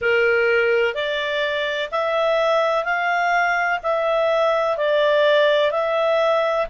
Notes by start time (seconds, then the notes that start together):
0.01 A#4
0.94 D5
1.91 E5
2.84 F5
3.83 E5
4.77 D5
5.71 E5